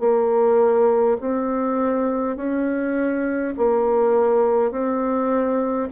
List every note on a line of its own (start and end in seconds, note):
0.00 1.18 A#3
1.21 2.37 C4
2.37 3.55 C#4
3.57 4.71 A#3
4.71 5.89 C4